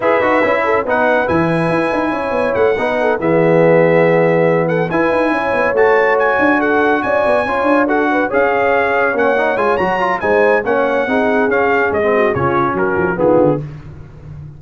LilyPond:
<<
  \new Staff \with { instrumentName = "trumpet" } { \time 4/4 \tempo 4 = 141 e''2 fis''4 gis''4~ | gis''2 fis''4. e''8~ | e''2. fis''8 gis''8~ | gis''4. a''4 gis''4 fis''8~ |
fis''8 gis''2 fis''4 f''8~ | f''4. fis''4 gis''8 ais''4 | gis''4 fis''2 f''4 | dis''4 cis''4 ais'4 gis'4 | }
  \new Staff \with { instrumentName = "horn" } { \time 4/4 b'4. a'8 b'2~ | b'4 cis''4. b'8 a'8 gis'8~ | gis'2. a'8 b'8~ | b'8 cis''2. a'8~ |
a'8 d''4 cis''4 a'8 b'8 cis''8~ | cis''1 | c''4 cis''4 gis'2~ | gis'8 fis'8 f'4 fis'4 f'4 | }
  \new Staff \with { instrumentName = "trombone" } { \time 4/4 gis'8 fis'8 e'4 dis'4 e'4~ | e'2~ e'8 dis'4 b8~ | b2.~ b8 e'8~ | e'4. fis'2~ fis'8~ |
fis'4. f'4 fis'4 gis'8~ | gis'4. cis'8 dis'8 f'8 fis'8 f'8 | dis'4 cis'4 dis'4 cis'4~ | cis'16 c'8. cis'2 b4 | }
  \new Staff \with { instrumentName = "tuba" } { \time 4/4 e'8 dis'8 cis'4 b4 e4 | e'8 dis'8 cis'8 b8 a8 b4 e8~ | e2.~ e8 e'8 | dis'8 cis'8 b8 a4. d'4~ |
d'8 cis'8 b8 cis'8 d'4. cis'8~ | cis'4. ais4 gis8 fis4 | gis4 ais4 c'4 cis'4 | gis4 cis4 fis8 f8 dis8 d8 | }
>>